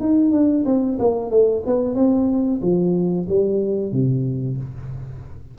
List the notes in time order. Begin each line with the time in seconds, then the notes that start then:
0.00 D#4
0.31 D4
0.66 C4
0.99 A#3
1.30 A3
1.66 B3
1.95 C4
2.61 F3
3.29 G3
3.92 C3